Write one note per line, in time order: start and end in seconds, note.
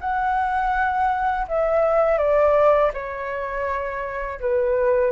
0.00 1.46 F#5
1.48 2.18 E5
2.18 2.91 D5
2.93 4.39 C#5
4.40 5.11 B4